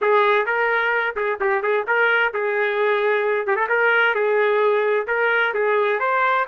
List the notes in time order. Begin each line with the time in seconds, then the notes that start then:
0.01 G#4
0.46 A#4
1.15 G#4
1.40 G4
1.62 G#4
1.87 A#4
2.33 G#4
3.46 G4
3.56 A4
3.68 A#4
4.14 G#4
5.07 A#4
5.54 G#4
5.99 C5